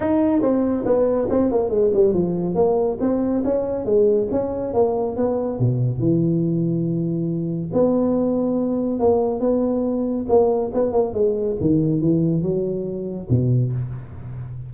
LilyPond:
\new Staff \with { instrumentName = "tuba" } { \time 4/4 \tempo 4 = 140 dis'4 c'4 b4 c'8 ais8 | gis8 g8 f4 ais4 c'4 | cis'4 gis4 cis'4 ais4 | b4 b,4 e2~ |
e2 b2~ | b4 ais4 b2 | ais4 b8 ais8 gis4 dis4 | e4 fis2 b,4 | }